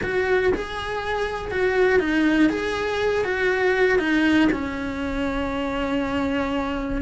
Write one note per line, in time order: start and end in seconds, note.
0.02 0.52 F#4
0.54 1.51 G#4
1.51 1.99 F#4
1.99 2.49 D#4
2.49 3.24 G#4
3.24 3.99 F#4
3.99 4.49 D#4
4.52 7.01 C#4